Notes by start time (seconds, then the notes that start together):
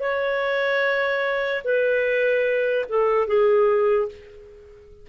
0.00 C#5
1.64 B4
2.89 A4
3.27 G#4